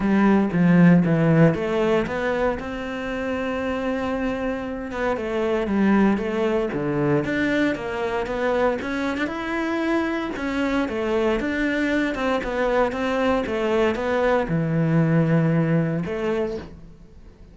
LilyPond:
\new Staff \with { instrumentName = "cello" } { \time 4/4 \tempo 4 = 116 g4 f4 e4 a4 | b4 c'2.~ | c'4. b8 a4 g4 | a4 d4 d'4 ais4 |
b4 cis'8. d'16 e'2 | cis'4 a4 d'4. c'8 | b4 c'4 a4 b4 | e2. a4 | }